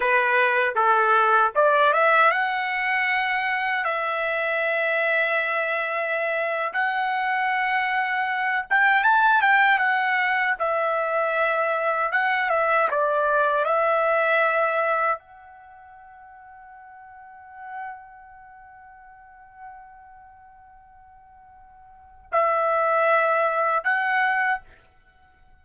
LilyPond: \new Staff \with { instrumentName = "trumpet" } { \time 4/4 \tempo 4 = 78 b'4 a'4 d''8 e''8 fis''4~ | fis''4 e''2.~ | e''8. fis''2~ fis''8 g''8 a''16~ | a''16 g''8 fis''4 e''2 fis''16~ |
fis''16 e''8 d''4 e''2 fis''16~ | fis''1~ | fis''1~ | fis''4 e''2 fis''4 | }